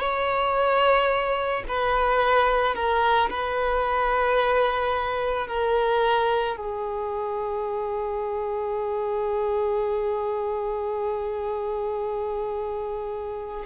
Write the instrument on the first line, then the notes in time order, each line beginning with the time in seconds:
violin
0.00 C#5
1.69 B4
2.75 A#4
3.30 B4
5.48 A#4
6.57 G#4